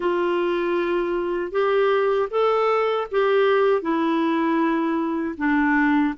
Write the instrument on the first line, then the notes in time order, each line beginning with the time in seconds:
clarinet
0.00 F4
1.51 G4
2.30 A4
3.11 G4
3.81 E4
5.37 D4